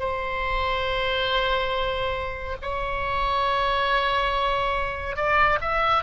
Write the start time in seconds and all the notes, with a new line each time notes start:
0.00 C5
2.62 C#5
5.17 D5
5.61 E5